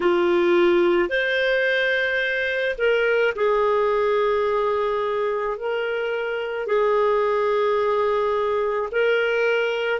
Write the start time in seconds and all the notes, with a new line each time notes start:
0.00 F4
1.09 C5
2.78 A#4
3.35 G#4
5.57 A#4
6.67 G#4
8.91 A#4